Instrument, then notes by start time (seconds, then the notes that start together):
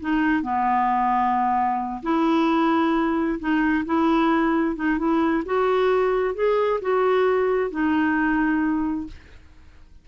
clarinet
0.00 D#4
0.43 B3
2.02 E4
3.39 D#4
3.86 E4
4.76 D#4
4.98 E4
5.45 F#4
6.35 G#4
6.81 F#4
7.70 D#4